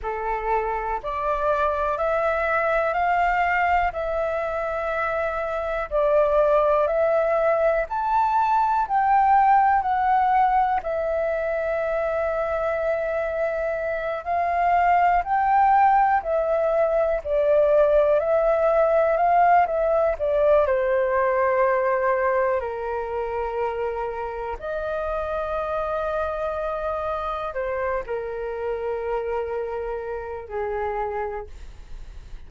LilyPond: \new Staff \with { instrumentName = "flute" } { \time 4/4 \tempo 4 = 61 a'4 d''4 e''4 f''4 | e''2 d''4 e''4 | a''4 g''4 fis''4 e''4~ | e''2~ e''8 f''4 g''8~ |
g''8 e''4 d''4 e''4 f''8 | e''8 d''8 c''2 ais'4~ | ais'4 dis''2. | c''8 ais'2~ ais'8 gis'4 | }